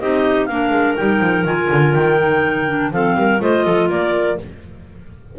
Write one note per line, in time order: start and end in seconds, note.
0.00 0.49 C4
0.00 0.49 D#4
0.00 0.49 G4
0.00 0.46 D#5
0.46 0.71 A#3
0.46 0.98 D4
0.46 2.93 A#4
0.46 0.94 F5
0.71 0.95 G#3
0.96 1.21 G3
0.96 1.45 D#4
0.96 1.45 G5
1.21 1.45 F3
1.45 1.69 D#3
1.45 2.19 F4
1.45 1.94 G#5
1.71 1.95 D3
1.94 2.91 D#3
1.94 2.92 G5
2.19 2.67 D#4
2.68 2.92 D4
2.91 3.15 F3
2.91 3.40 C4
2.91 3.17 A4
2.91 3.41 F5
3.15 3.40 G3
3.15 3.42 A#4
3.40 3.65 A3
3.40 4.38 F4
3.40 3.65 C5
3.40 3.90 D#5
3.65 3.89 F3
3.65 3.89 A4
3.89 4.38 A#3
3.89 4.38 A#4
3.89 4.39 D5